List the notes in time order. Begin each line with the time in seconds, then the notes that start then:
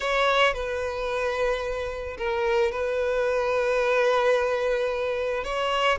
0.00 C#5
0.53 B4
2.17 A#4
2.71 B4
5.44 C#5